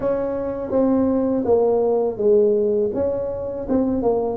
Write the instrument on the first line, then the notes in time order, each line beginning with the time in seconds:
tuba
0.00 C#4
0.71 C4
1.45 A#3
2.17 G#3
2.94 C#4
3.68 C4
4.02 A#3